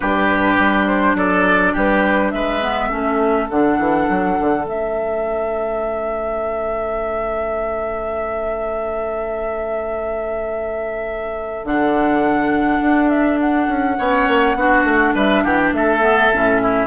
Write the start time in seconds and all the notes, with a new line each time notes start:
0.00 G2 D4 G4 B4
0.58 G3
0.86 C5
1.15 F#3 A4 D5
1.73 G3 G4 B4
2.30 G#3 B4 E5
2.62 B3
2.88 A3 C#4 A4
3.49 D3 D4 F#5
3.78 E3
4.08 F#3
4.40 D3
4.66 A3 C#4 E5
11.64 D3 D4 F#5
12.81 D4
13.09 E5
13.40 F#5
13.68 C#4
13.98 B3 C#4 C#5
14.27 A#3
14.54 B3 D4 F#4
14.84 A3
15.14 G3 B4 E5
15.43 E3 G4 F#5
15.56 G5
15.72 A3 A4 E5
16.01 B3
16.32 A2 C#4
16.62 E4